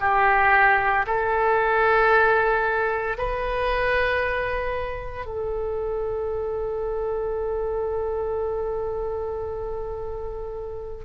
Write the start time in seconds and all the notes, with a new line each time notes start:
0.00 G4
1.06 A4
3.18 B4
5.26 A4